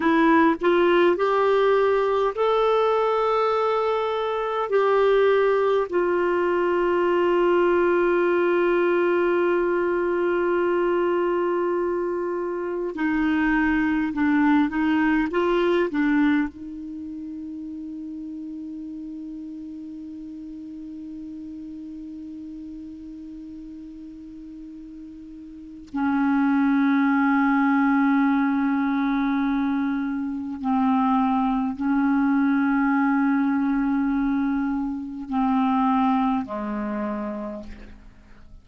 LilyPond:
\new Staff \with { instrumentName = "clarinet" } { \time 4/4 \tempo 4 = 51 e'8 f'8 g'4 a'2 | g'4 f'2.~ | f'2. dis'4 | d'8 dis'8 f'8 d'8 dis'2~ |
dis'1~ | dis'2 cis'2~ | cis'2 c'4 cis'4~ | cis'2 c'4 gis4 | }